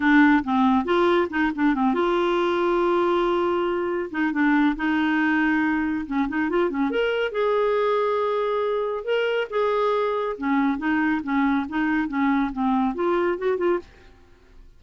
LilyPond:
\new Staff \with { instrumentName = "clarinet" } { \time 4/4 \tempo 4 = 139 d'4 c'4 f'4 dis'8 d'8 | c'8 f'2.~ f'8~ | f'4. dis'8 d'4 dis'4~ | dis'2 cis'8 dis'8 f'8 cis'8 |
ais'4 gis'2.~ | gis'4 ais'4 gis'2 | cis'4 dis'4 cis'4 dis'4 | cis'4 c'4 f'4 fis'8 f'8 | }